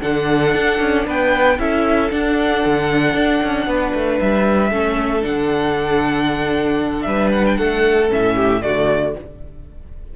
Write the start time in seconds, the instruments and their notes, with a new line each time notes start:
0.00 cello D3, viola D4, violin A4 F#5
0.55 cello D4
0.81 cello C#4
1.06 cello B3, violin B4 G5
1.59 cello C#4, viola E4, violin A4 E5
2.11 viola D4, cello D4, violin F#5
2.66 cello D3
3.14 cello D4
3.44 cello C#4
3.67 cello B3, violin B4
3.94 cello A3
4.20 cello G3, violin E5
4.71 cello A3, viola C#4, violin A4
5.22 cello D3, viola D4, violin F#5
7.03 cello G3, violin B4 E5
7.33 violin F#5
7.46 violin G5
7.57 cello A3, violin A4 F#5
8.09 cello A2, viola C#4, violin E5
8.36 violin G4
8.62 cello D3, viola A3, violin F#4 D5